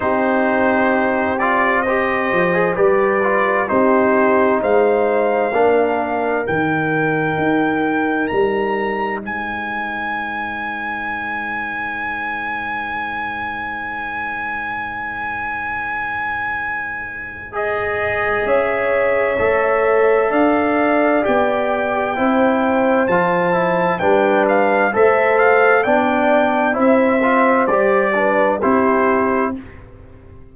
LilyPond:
<<
  \new Staff \with { instrumentName = "trumpet" } { \time 4/4 \tempo 4 = 65 c''4. d''8 dis''4 d''4 | c''4 f''2 g''4~ | g''4 ais''4 gis''2~ | gis''1~ |
gis''2. dis''4 | e''2 f''4 g''4~ | g''4 a''4 g''8 f''8 e''8 f''8 | g''4 e''4 d''4 c''4 | }
  \new Staff \with { instrumentName = "horn" } { \time 4/4 g'2 c''4 b'4 | g'4 c''4 ais'2~ | ais'2 c''2~ | c''1~ |
c''1 | cis''2 d''2 | c''2 b'4 c''4 | d''4 c''4. b'8 g'4 | }
  \new Staff \with { instrumentName = "trombone" } { \time 4/4 dis'4. f'8 g'8. gis'16 g'8 f'8 | dis'2 d'4 dis'4~ | dis'1~ | dis'1~ |
dis'2. gis'4~ | gis'4 a'2 g'4 | e'4 f'8 e'8 d'4 a'4 | d'4 e'8 f'8 g'8 d'8 e'4 | }
  \new Staff \with { instrumentName = "tuba" } { \time 4/4 c'2~ c'8 f8 g4 | c'4 gis4 ais4 dis4 | dis'4 g4 gis2~ | gis1~ |
gis1 | cis'4 a4 d'4 b4 | c'4 f4 g4 a4 | b4 c'4 g4 c'4 | }
>>